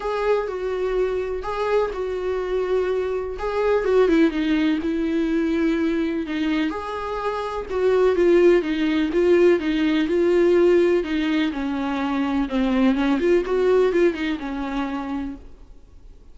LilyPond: \new Staff \with { instrumentName = "viola" } { \time 4/4 \tempo 4 = 125 gis'4 fis'2 gis'4 | fis'2. gis'4 | fis'8 e'8 dis'4 e'2~ | e'4 dis'4 gis'2 |
fis'4 f'4 dis'4 f'4 | dis'4 f'2 dis'4 | cis'2 c'4 cis'8 f'8 | fis'4 f'8 dis'8 cis'2 | }